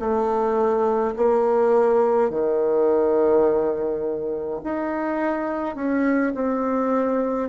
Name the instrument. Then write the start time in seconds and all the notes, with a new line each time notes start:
bassoon
0.00 A3
1.17 A#3
2.30 D#3
4.64 D#4
5.76 C#4
6.35 C4